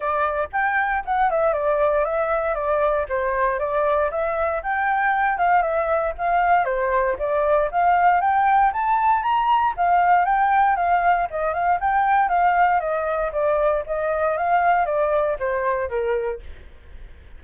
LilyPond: \new Staff \with { instrumentName = "flute" } { \time 4/4 \tempo 4 = 117 d''4 g''4 fis''8 e''8 d''4 | e''4 d''4 c''4 d''4 | e''4 g''4. f''8 e''4 | f''4 c''4 d''4 f''4 |
g''4 a''4 ais''4 f''4 | g''4 f''4 dis''8 f''8 g''4 | f''4 dis''4 d''4 dis''4 | f''4 d''4 c''4 ais'4 | }